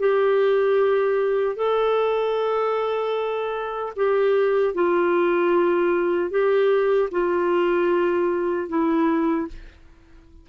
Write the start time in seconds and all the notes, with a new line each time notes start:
0.00 G4
1.56 A4
3.96 G4
4.75 F4
6.31 G4
7.11 F4
8.69 E4